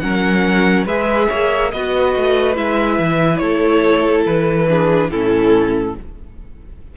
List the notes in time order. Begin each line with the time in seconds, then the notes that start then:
0.00 F#3 C#4 A#4 F#5
0.86 G#3 G#4 B4 E5
1.29 A#3 C#5
1.71 B3 F#4 B4 D#5
2.16 A3
2.56 G#3 E4 E5
2.99 E3
3.37 A3 A4 C#5
4.26 E3 B4
4.69 D4 G#4
5.10 A2 C#4 E4 A4